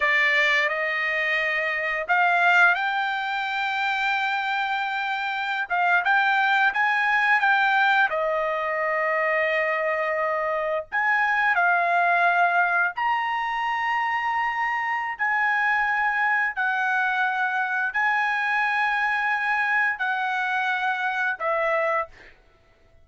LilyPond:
\new Staff \with { instrumentName = "trumpet" } { \time 4/4 \tempo 4 = 87 d''4 dis''2 f''4 | g''1~ | g''16 f''8 g''4 gis''4 g''4 dis''16~ | dis''2.~ dis''8. gis''16~ |
gis''8. f''2 ais''4~ ais''16~ | ais''2 gis''2 | fis''2 gis''2~ | gis''4 fis''2 e''4 | }